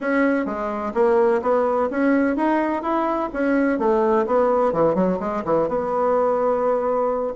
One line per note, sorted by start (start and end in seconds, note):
0.00 0.45 C#4
0.45 0.93 G#3
0.93 1.41 A#3
1.42 1.89 B3
1.90 2.36 C#4
2.36 2.82 D#4
2.82 3.29 E4
3.33 3.78 C#4
3.78 4.26 A3
4.26 4.72 B3
4.72 4.95 E3
4.95 5.18 F#3
5.19 5.43 G#3
5.45 5.68 E3
5.68 7.33 B3